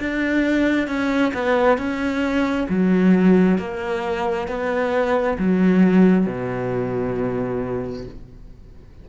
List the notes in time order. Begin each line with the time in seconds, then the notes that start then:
0.00 D4
0.88 C#4
1.34 B3
1.78 C#4
2.69 F#3
3.59 A#3
4.48 B3
5.39 F#3
6.26 B2